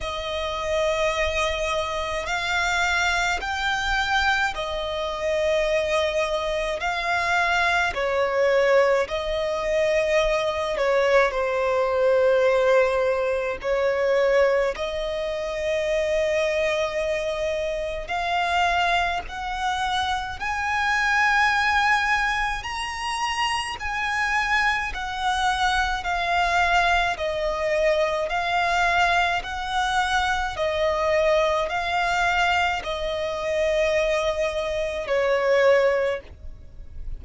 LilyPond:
\new Staff \with { instrumentName = "violin" } { \time 4/4 \tempo 4 = 53 dis''2 f''4 g''4 | dis''2 f''4 cis''4 | dis''4. cis''8 c''2 | cis''4 dis''2. |
f''4 fis''4 gis''2 | ais''4 gis''4 fis''4 f''4 | dis''4 f''4 fis''4 dis''4 | f''4 dis''2 cis''4 | }